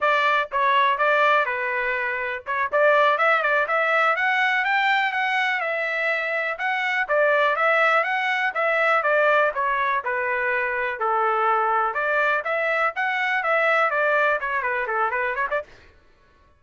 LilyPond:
\new Staff \with { instrumentName = "trumpet" } { \time 4/4 \tempo 4 = 123 d''4 cis''4 d''4 b'4~ | b'4 cis''8 d''4 e''8 d''8 e''8~ | e''8 fis''4 g''4 fis''4 e''8~ | e''4. fis''4 d''4 e''8~ |
e''8 fis''4 e''4 d''4 cis''8~ | cis''8 b'2 a'4.~ | a'8 d''4 e''4 fis''4 e''8~ | e''8 d''4 cis''8 b'8 a'8 b'8 cis''16 d''16 | }